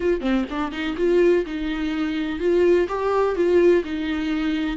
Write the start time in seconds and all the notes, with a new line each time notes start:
0.00 F4
0.21 C4
0.50 D4
0.71 D#4
0.97 F4
1.46 D#4
2.39 F4
2.88 G4
3.35 F4
3.84 D#4